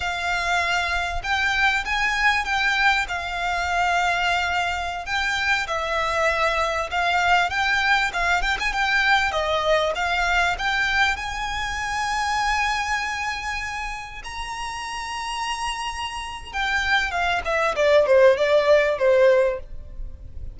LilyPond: \new Staff \with { instrumentName = "violin" } { \time 4/4 \tempo 4 = 98 f''2 g''4 gis''4 | g''4 f''2.~ | f''16 g''4 e''2 f''8.~ | f''16 g''4 f''8 g''16 gis''16 g''4 dis''8.~ |
dis''16 f''4 g''4 gis''4.~ gis''16~ | gis''2.~ gis''16 ais''8.~ | ais''2. g''4 | f''8 e''8 d''8 c''8 d''4 c''4 | }